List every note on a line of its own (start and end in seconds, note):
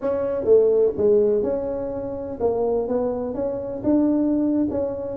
0.01 0.44 C#4
0.44 0.92 A3
0.97 1.42 G#3
1.42 2.38 C#4
2.40 2.88 A#3
2.88 3.34 B3
3.34 3.82 C#4
3.83 4.67 D4
4.70 5.17 C#4